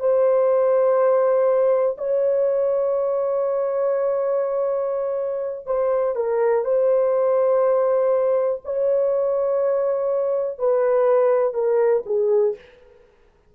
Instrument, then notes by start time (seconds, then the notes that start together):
horn
0.00 C5
1.98 C#5
5.67 C5
6.16 A#4
6.65 C5
8.65 C#5
10.59 B4
11.54 A#4
12.06 G#4